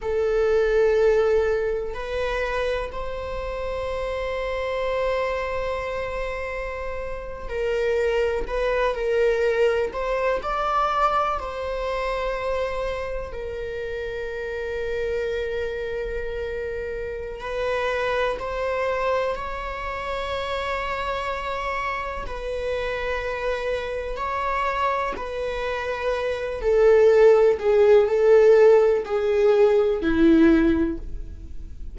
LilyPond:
\new Staff \with { instrumentName = "viola" } { \time 4/4 \tempo 4 = 62 a'2 b'4 c''4~ | c''2.~ c''8. ais'16~ | ais'8. b'8 ais'4 c''8 d''4 c''16~ | c''4.~ c''16 ais'2~ ais'16~ |
ais'2 b'4 c''4 | cis''2. b'4~ | b'4 cis''4 b'4. a'8~ | a'8 gis'8 a'4 gis'4 e'4 | }